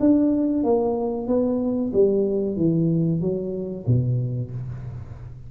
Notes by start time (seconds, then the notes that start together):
0.00 D4
0.64 A#3
1.27 B3
1.93 G3
2.57 E3
3.21 F#3
3.87 B2